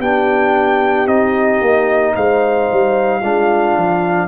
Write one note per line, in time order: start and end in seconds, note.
0.00 1.07 B3
0.00 1.08 D4
0.00 2.14 G4
0.00 1.08 G5
1.07 1.61 C4
1.07 3.22 D#4
1.07 2.15 D#5
1.62 2.15 A#3
2.16 2.70 G#3
2.16 3.20 C5
2.16 4.28 F5
2.72 3.23 G3
3.20 3.76 G#3
3.20 4.28 D4
3.20 4.27 F4
3.77 4.28 F3